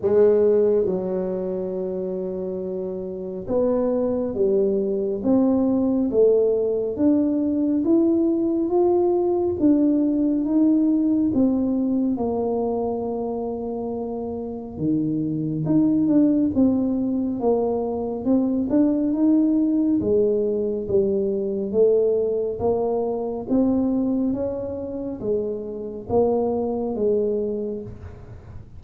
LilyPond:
\new Staff \with { instrumentName = "tuba" } { \time 4/4 \tempo 4 = 69 gis4 fis2. | b4 g4 c'4 a4 | d'4 e'4 f'4 d'4 | dis'4 c'4 ais2~ |
ais4 dis4 dis'8 d'8 c'4 | ais4 c'8 d'8 dis'4 gis4 | g4 a4 ais4 c'4 | cis'4 gis4 ais4 gis4 | }